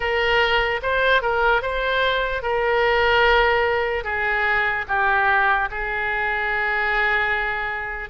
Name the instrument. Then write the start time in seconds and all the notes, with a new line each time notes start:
oboe
0.00 A#4
0.82 C5
1.22 A#4
1.62 C5
2.42 A#4
4.04 G#4
4.88 G4
5.70 G#4